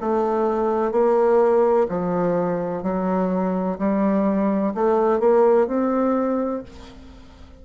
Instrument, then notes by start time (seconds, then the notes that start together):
bassoon
0.00 A3
0.91 A#3
1.88 F3
2.82 F#3
3.78 G3
4.74 A3
5.19 A#3
5.67 C4